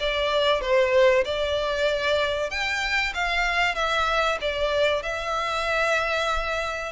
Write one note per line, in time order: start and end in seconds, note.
0.00 0.61 D5
0.61 1.25 C5
1.25 2.50 D5
2.50 3.13 G5
3.15 3.75 F5
3.75 4.38 E5
4.41 5.03 D5
5.03 6.93 E5